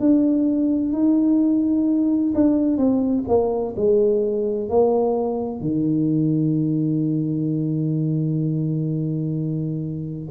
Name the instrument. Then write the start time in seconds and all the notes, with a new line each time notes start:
tuba
0.00 D4
0.93 D#4
2.35 D4
2.78 C4
3.28 A#3
3.76 G#3
4.69 A#3
5.61 D#3